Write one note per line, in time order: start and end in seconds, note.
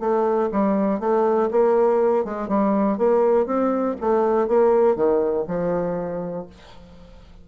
0.00 0.50 A3
0.52 1.00 G3
1.00 1.49 A3
1.51 2.24 A#3
2.24 2.48 G#3
2.48 2.98 G3
2.98 3.46 A#3
3.46 3.96 C4
4.01 4.48 A3
4.48 4.96 A#3
4.96 5.45 D#3
5.47 6.46 F3